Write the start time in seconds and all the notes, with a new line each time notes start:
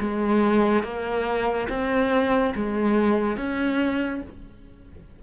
0.00 G#3
0.84 A#3
1.69 C4
2.56 G#3
3.38 C#4